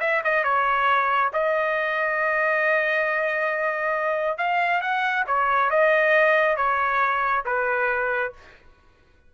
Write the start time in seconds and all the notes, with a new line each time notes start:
0.00 E5
0.24 D#5
0.43 C#5
1.33 D#5
4.37 F5
4.81 F#5
5.27 C#5
5.70 D#5
6.56 C#5
7.45 B4